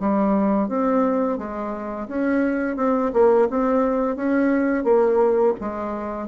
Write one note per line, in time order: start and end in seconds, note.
0.00 0.68 G3
0.68 1.38 C4
1.38 2.08 G#3
2.08 2.77 C#4
2.77 3.12 C4
3.13 3.48 A#3
3.50 4.16 C4
4.16 4.84 C#4
4.84 5.54 A#3
5.60 6.28 G#3